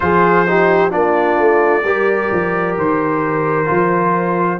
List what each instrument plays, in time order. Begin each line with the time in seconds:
0.00 tuba F3, trombone F4, horn G#4, trumpet C5
0.47 trombone D#4, horn G4
0.89 tuba A#3, trombone D4, horn F4, trumpet D5
1.38 tuba A3
1.83 tuba G3, trombone G4, horn A#4
2.31 tuba F3
2.77 tuba D#3, trumpet C5
3.65 tuba F3, trombone F4